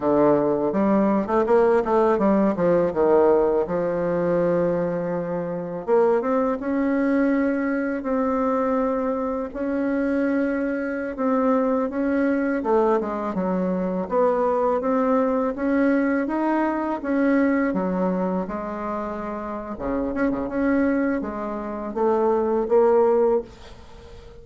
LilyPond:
\new Staff \with { instrumentName = "bassoon" } { \time 4/4 \tempo 4 = 82 d4 g8. a16 ais8 a8 g8 f8 | dis4 f2. | ais8 c'8 cis'2 c'4~ | c'4 cis'2~ cis'16 c'8.~ |
c'16 cis'4 a8 gis8 fis4 b8.~ | b16 c'4 cis'4 dis'4 cis'8.~ | cis'16 fis4 gis4.~ gis16 cis8 cis'16 cis16 | cis'4 gis4 a4 ais4 | }